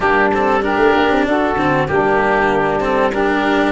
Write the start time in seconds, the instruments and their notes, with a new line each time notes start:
0.00 tuba G3, cello A#3, saxophone D4, oboe G4
0.33 cello C4, oboe A4
0.62 cello D4, saxophone G4, oboe A#4
0.77 tuba A3
0.95 tuba A#3
1.11 tuba C4
1.26 tuba D4, saxophone F#4, oboe A4
1.55 tuba D3, cello C4
1.87 tuba G3, cello A#3, saxophone D4, oboe G4
2.80 cello C4, oboe A4
3.11 cello D4, saxophone G4, oboe A#4